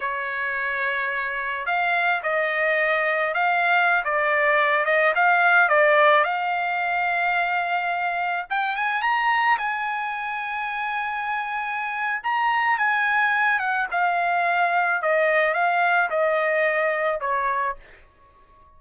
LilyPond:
\new Staff \with { instrumentName = "trumpet" } { \time 4/4 \tempo 4 = 108 cis''2. f''4 | dis''2 f''4~ f''16 d''8.~ | d''8. dis''8 f''4 d''4 f''8.~ | f''2.~ f''16 g''8 gis''16~ |
gis''16 ais''4 gis''2~ gis''8.~ | gis''2 ais''4 gis''4~ | gis''8 fis''8 f''2 dis''4 | f''4 dis''2 cis''4 | }